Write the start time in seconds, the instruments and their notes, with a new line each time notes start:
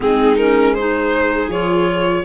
0.00 tuba G#3, clarinet C4, viola D#4, violin G#4
0.37 clarinet C#4, violin A#4
0.73 clarinet D#4, viola G#4, violin C5
1.47 tuba F3, clarinet F4, violin C#5